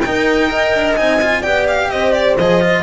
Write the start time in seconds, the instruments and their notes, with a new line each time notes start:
0.00 double bass D#4, cello D#4, violin G5
0.06 horn A#4
0.49 cello A#4, horn D#5
0.75 double bass D4
0.96 double bass C4, cello D#4, violin G#5
1.21 cello F4
1.41 double bass B3, cello G4, horn D5, violin G5
1.68 violin F5
1.90 double bass C4, horn C5, violin D#5
2.13 violin D5
2.38 double bass F3, cello G#4, violin D#5
2.61 cello F4